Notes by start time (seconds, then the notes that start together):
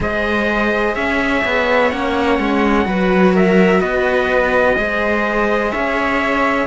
0.00 G#3 G#4 C5 D#5
0.94 C#4 C#5 E5
1.44 B3
1.89 A#3 C#4 F#5
2.38 G#3
2.85 F#3 F#4 B4
3.34 A#4 E5
3.80 B3 B4 D#5
4.76 G#3 G#4 C5
5.71 C#4 C#5 E5